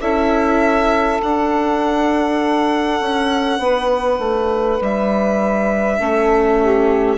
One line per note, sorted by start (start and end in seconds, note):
0.00 1.21 C#4
0.00 1.20 E4
0.00 3.60 A4
0.00 1.21 E5
1.20 6.00 D4
1.20 3.00 D4
1.20 4.83 F#5
3.00 3.59 C#4
3.59 4.19 B3
3.59 5.98 B4
4.19 4.79 A3
4.80 6.00 G3
4.80 7.17 E5
5.98 7.17 A3
5.98 7.17 C#4
5.98 6.58 A4
6.62 7.17 G4